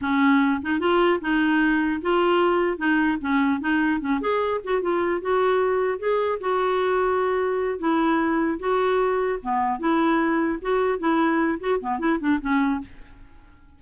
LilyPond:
\new Staff \with { instrumentName = "clarinet" } { \time 4/4 \tempo 4 = 150 cis'4. dis'8 f'4 dis'4~ | dis'4 f'2 dis'4 | cis'4 dis'4 cis'8 gis'4 fis'8 | f'4 fis'2 gis'4 |
fis'2.~ fis'8 e'8~ | e'4. fis'2 b8~ | b8 e'2 fis'4 e'8~ | e'4 fis'8 b8 e'8 d'8 cis'4 | }